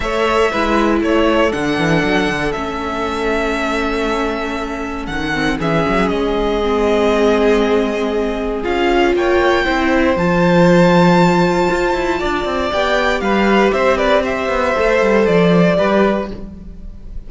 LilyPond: <<
  \new Staff \with { instrumentName = "violin" } { \time 4/4 \tempo 4 = 118 e''2 cis''4 fis''4~ | fis''4 e''2.~ | e''2 fis''4 e''4 | dis''1~ |
dis''4 f''4 g''2 | a''1~ | a''4 g''4 f''4 e''8 d''8 | e''2 d''2 | }
  \new Staff \with { instrumentName = "violin" } { \time 4/4 cis''4 b'4 a'2~ | a'1~ | a'2. gis'4~ | gis'1~ |
gis'2 cis''4 c''4~ | c''1 | d''2 b'4 c''8 b'8 | c''2. b'4 | }
  \new Staff \with { instrumentName = "viola" } { \time 4/4 a'4 e'2 d'4~ | d'4 cis'2.~ | cis'2~ cis'8 c'8 cis'4~ | cis'4 c'2.~ |
c'4 f'2 e'4 | f'1~ | f'4 g'2.~ | g'4 a'2 g'4 | }
  \new Staff \with { instrumentName = "cello" } { \time 4/4 a4 gis4 a4 d8 e8 | fis8 d8 a2.~ | a2 dis4 e8 fis8 | gis1~ |
gis4 cis'4 ais4 c'4 | f2. f'8 e'8 | d'8 c'8 b4 g4 c'4~ | c'8 b8 a8 g8 f4 g4 | }
>>